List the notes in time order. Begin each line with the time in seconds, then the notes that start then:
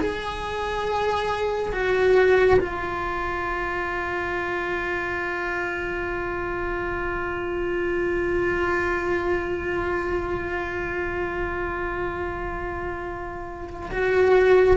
0.00 G#4
1.73 F#4
2.60 F4
13.91 F#4